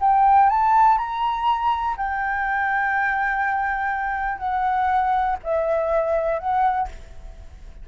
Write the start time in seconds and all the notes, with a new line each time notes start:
0.00 G5
0.49 A5
0.98 A#5
1.96 G5
4.38 F#5
5.43 E5
6.39 F#5